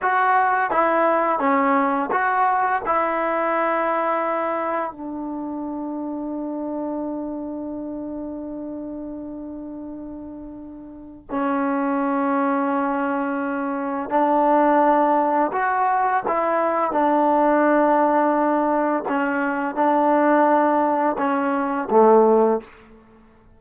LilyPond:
\new Staff \with { instrumentName = "trombone" } { \time 4/4 \tempo 4 = 85 fis'4 e'4 cis'4 fis'4 | e'2. d'4~ | d'1~ | d'1 |
cis'1 | d'2 fis'4 e'4 | d'2. cis'4 | d'2 cis'4 a4 | }